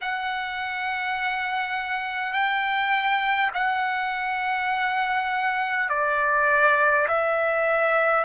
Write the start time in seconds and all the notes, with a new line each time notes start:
0.01 F#5
2.33 G5
3.53 F#5
5.89 D5
7.07 E5